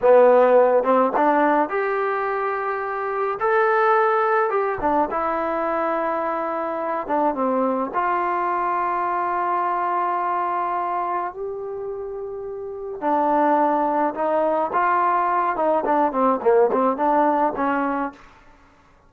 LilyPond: \new Staff \with { instrumentName = "trombone" } { \time 4/4 \tempo 4 = 106 b4. c'8 d'4 g'4~ | g'2 a'2 | g'8 d'8 e'2.~ | e'8 d'8 c'4 f'2~ |
f'1 | g'2. d'4~ | d'4 dis'4 f'4. dis'8 | d'8 c'8 ais8 c'8 d'4 cis'4 | }